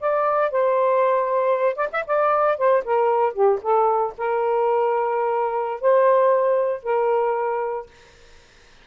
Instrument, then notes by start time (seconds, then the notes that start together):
saxophone
0.00 D5
0.51 C5
1.76 D5
1.92 E5
2.07 D5
2.58 C5
2.84 A#4
3.33 G4
3.62 A4
4.18 A#4
5.81 C5
6.83 A#4